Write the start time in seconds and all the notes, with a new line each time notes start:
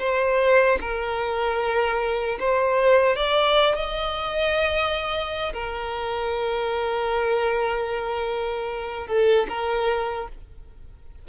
0.00 C5
0.81 A#4
2.40 C5
3.17 D5
3.76 D#5
5.53 A#4
9.08 A4
9.49 A#4